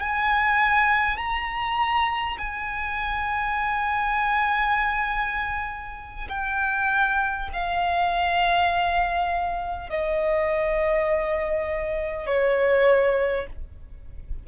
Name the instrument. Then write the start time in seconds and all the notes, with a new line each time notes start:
violin
0.00 G#5
1.18 A#5
2.39 G#5
6.29 G5
7.53 F5
9.90 D#5
12.27 C#5